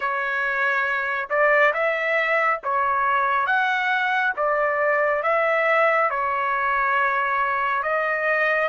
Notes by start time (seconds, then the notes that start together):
0.00 C#5
1.29 D5
1.73 E5
2.63 C#5
3.46 F#5
4.36 D5
5.23 E5
6.10 C#5
7.83 D#5